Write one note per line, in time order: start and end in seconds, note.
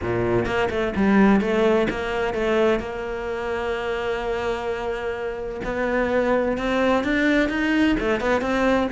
0.01 0.45 A#2
0.45 0.69 A#3
0.70 0.93 A3
0.95 1.40 G3
1.40 1.87 A3
1.90 2.34 A#3
2.34 2.79 A3
2.79 5.60 A#3
5.64 6.57 B3
6.57 7.04 C4
7.04 7.49 D4
7.49 7.96 D#4
7.99 8.20 A3
8.20 8.41 B3
8.41 8.88 C4